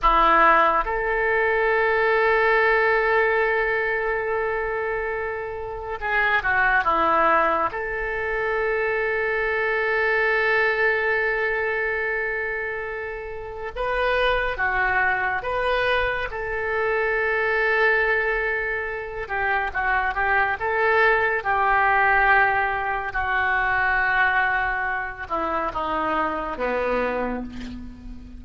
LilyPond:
\new Staff \with { instrumentName = "oboe" } { \time 4/4 \tempo 4 = 70 e'4 a'2.~ | a'2. gis'8 fis'8 | e'4 a'2.~ | a'1 |
b'4 fis'4 b'4 a'4~ | a'2~ a'8 g'8 fis'8 g'8 | a'4 g'2 fis'4~ | fis'4. e'8 dis'4 b4 | }